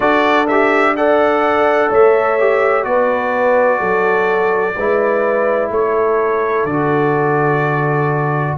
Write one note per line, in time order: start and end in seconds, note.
0.00 1.89 D4
0.00 0.46 F#4
0.00 0.94 A4
0.00 0.47 D5
0.47 0.97 G4
0.47 0.95 E5
0.96 2.39 A4
0.96 1.89 D5
0.96 1.91 F#5
1.89 2.85 A3
1.89 2.84 C#5
1.89 2.84 E5
2.39 2.82 G4
2.82 3.80 B3
2.82 4.73 F#4
2.82 3.78 B4
2.82 5.70 D5
3.78 4.75 F#3
3.78 4.74 A4
4.76 5.69 G#3
4.76 6.69 E4
4.76 5.71 B4
5.69 6.64 A3
5.69 8.57 A4
5.69 6.65 C#5
6.64 8.54 D3
6.64 8.57 F#4
6.64 8.56 D5